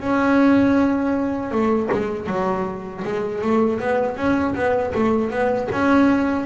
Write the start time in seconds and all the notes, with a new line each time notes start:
0.00 C#4
1.51 A3
1.92 G#3
2.27 F#3
3.04 G#3
3.42 A3
3.80 B3
4.17 C#4
4.55 B3
4.95 A3
5.31 B3
5.72 C#4